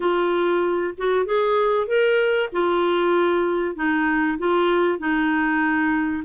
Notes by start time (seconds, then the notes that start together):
0.00 F4
0.97 F#4
1.25 G#4
1.87 A#4
2.52 F4
3.75 D#4
4.38 F4
4.98 D#4